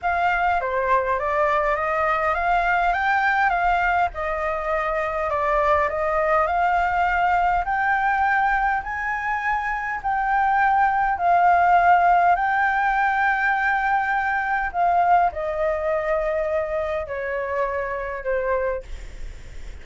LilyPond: \new Staff \with { instrumentName = "flute" } { \time 4/4 \tempo 4 = 102 f''4 c''4 d''4 dis''4 | f''4 g''4 f''4 dis''4~ | dis''4 d''4 dis''4 f''4~ | f''4 g''2 gis''4~ |
gis''4 g''2 f''4~ | f''4 g''2.~ | g''4 f''4 dis''2~ | dis''4 cis''2 c''4 | }